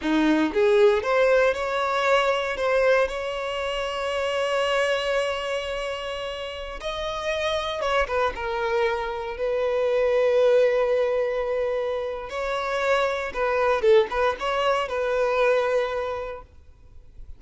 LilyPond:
\new Staff \with { instrumentName = "violin" } { \time 4/4 \tempo 4 = 117 dis'4 gis'4 c''4 cis''4~ | cis''4 c''4 cis''2~ | cis''1~ | cis''4~ cis''16 dis''2 cis''8 b'16~ |
b'16 ais'2 b'4.~ b'16~ | b'1 | cis''2 b'4 a'8 b'8 | cis''4 b'2. | }